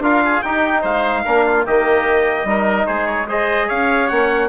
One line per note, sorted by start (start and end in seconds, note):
0.00 0.41 D4
0.00 0.44 F4
0.00 0.24 A#4
0.00 0.43 F5
0.25 0.45 G#4
0.43 1.26 D#4
0.43 0.84 D#4
0.43 0.82 G4
0.43 0.83 G5
0.82 1.25 G#3
0.82 1.23 C5
0.82 1.66 F5
1.25 1.67 A#3
1.25 1.67 D4
1.25 1.45 A#4
1.46 1.66 F4
1.66 2.45 D#3
1.66 2.46 A#3
1.66 2.47 G4
1.66 2.87 D#5
2.45 2.85 G3
2.45 3.28 D#4
2.45 2.87 A#4
2.87 3.71 G#3
2.87 3.28 G#4
2.87 3.07 C5
3.07 3.27 C#5
3.29 4.11 G#4
3.29 3.68 C5
3.29 3.69 D#5
3.68 4.11 C#4
3.68 4.49 C#5
3.68 4.08 F5
4.08 4.49 A#3
4.08 4.49 C#4
4.08 4.49 F#5